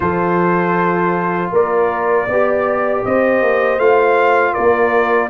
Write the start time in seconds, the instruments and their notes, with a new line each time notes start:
0.00 tuba F3, trombone F4, horn A4, trumpet C5
1.52 tuba A#3, horn A#4, trumpet D5
2.26 tuba B3, trombone G4, horn D5
3.04 tuba C4, horn C5, trumpet D#5
3.42 tuba A#3
3.78 tuba A3, trombone F4, trumpet F5
4.53 tuba A#3, horn A#4, trumpet D5